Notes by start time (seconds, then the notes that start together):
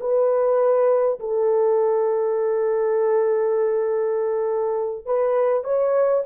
0.00 B4
1.19 A4
5.05 B4
5.64 C#5